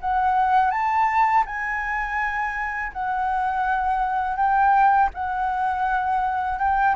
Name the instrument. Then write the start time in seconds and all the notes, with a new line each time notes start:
flute
0.00 F#5
0.71 A5
1.46 G#5
2.92 F#5
4.36 G5
5.14 F#5
6.58 G5